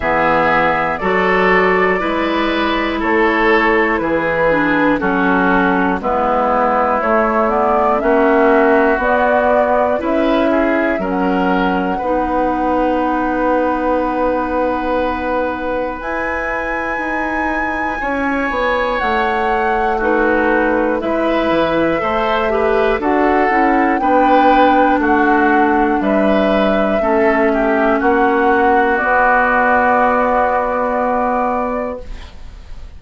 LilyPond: <<
  \new Staff \with { instrumentName = "flute" } { \time 4/4 \tempo 4 = 60 e''4 d''2 cis''4 | b'4 a'4 b'4 cis''8 d''8 | e''4 d''4 e''4 fis''4~ | fis''1 |
gis''2. fis''4 | b'4 e''2 fis''4 | g''4 fis''4 e''2 | fis''4 d''2. | }
  \new Staff \with { instrumentName = "oboe" } { \time 4/4 gis'4 a'4 b'4 a'4 | gis'4 fis'4 e'2 | fis'2 b'8 gis'8 ais'4 | b'1~ |
b'2 cis''2 | fis'4 b'4 c''8 b'8 a'4 | b'4 fis'4 b'4 a'8 g'8 | fis'1 | }
  \new Staff \with { instrumentName = "clarinet" } { \time 4/4 b4 fis'4 e'2~ | e'8 d'8 cis'4 b4 a8 b8 | cis'4 b4 e'4 cis'4 | dis'1 |
e'1 | dis'4 e'4 a'8 g'8 fis'8 e'8 | d'2. cis'4~ | cis'4 b2. | }
  \new Staff \with { instrumentName = "bassoon" } { \time 4/4 e4 fis4 gis4 a4 | e4 fis4 gis4 a4 | ais4 b4 cis'4 fis4 | b1 |
e'4 dis'4 cis'8 b8 a4~ | a4 gis8 e8 a4 d'8 cis'8 | b4 a4 g4 a4 | ais4 b2. | }
>>